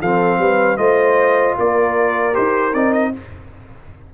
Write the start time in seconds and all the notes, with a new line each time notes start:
0.00 F3 C4 A4 F5
0.39 G3 B4
0.77 A3 F4 C5 D#5
1.57 A#3 A#4 D5
2.33 D#4 G4 C5
2.74 C4 D#4 D5
2.93 D#5